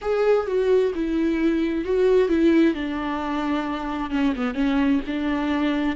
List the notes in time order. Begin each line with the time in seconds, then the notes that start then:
0.01 G#4
0.46 F#4
0.94 E4
1.84 F#4
2.28 E4
2.74 D4
4.10 C#4
4.36 B3
4.54 C#4
5.06 D4